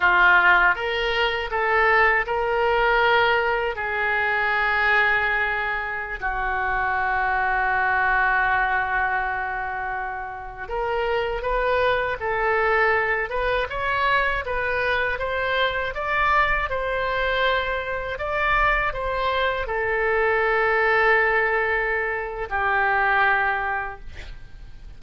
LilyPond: \new Staff \with { instrumentName = "oboe" } { \time 4/4 \tempo 4 = 80 f'4 ais'4 a'4 ais'4~ | ais'4 gis'2.~ | gis'16 fis'2.~ fis'8.~ | fis'2~ fis'16 ais'4 b'8.~ |
b'16 a'4. b'8 cis''4 b'8.~ | b'16 c''4 d''4 c''4.~ c''16~ | c''16 d''4 c''4 a'4.~ a'16~ | a'2 g'2 | }